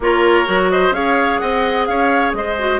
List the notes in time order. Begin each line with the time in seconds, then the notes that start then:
0.00 A#3 F4 A#4 C#5
0.45 F#3 F#4
0.70 C5 D#5
0.90 C#4 G#4 C#5 F5
1.38 C4 D#5 F#5
1.86 C#4 C#5 F5
2.33 G#3 C5 D#5
2.58 F#4